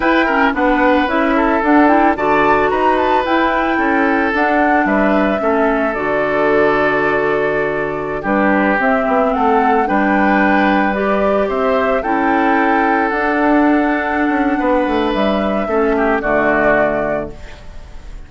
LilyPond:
<<
  \new Staff \with { instrumentName = "flute" } { \time 4/4 \tempo 4 = 111 g''4 fis''4 e''4 fis''8 g''8 | a''4 ais''8 a''8 g''2 | fis''4 e''2 d''4~ | d''2.~ d''16 b'8.~ |
b'16 e''4 fis''4 g''4.~ g''16~ | g''16 d''4 e''4 g''4.~ g''16~ | g''16 fis''2.~ fis''8. | e''2 d''2 | }
  \new Staff \with { instrumentName = "oboe" } { \time 4/4 b'8 ais'8 b'4. a'4. | d''4 b'2 a'4~ | a'4 b'4 a'2~ | a'2.~ a'16 g'8.~ |
g'4~ g'16 a'4 b'4.~ b'16~ | b'4~ b'16 c''4 a'4.~ a'16~ | a'2. b'4~ | b'4 a'8 g'8 fis'2 | }
  \new Staff \with { instrumentName = "clarinet" } { \time 4/4 e'8 cis'8 d'4 e'4 d'8 e'8 | fis'2 e'2 | d'2 cis'4 fis'4~ | fis'2.~ fis'16 d'8.~ |
d'16 c'2 d'4.~ d'16~ | d'16 g'2 e'4.~ e'16~ | e'16 d'2.~ d'8.~ | d'4 cis'4 a2 | }
  \new Staff \with { instrumentName = "bassoon" } { \time 4/4 e'4 b4 cis'4 d'4 | d4 dis'4 e'4 cis'4 | d'4 g4 a4 d4~ | d2.~ d16 g8.~ |
g16 c'8 b8 a4 g4.~ g16~ | g4~ g16 c'4 cis'4.~ cis'16~ | cis'16 d'2~ d'16 cis'8 b8 a8 | g4 a4 d2 | }
>>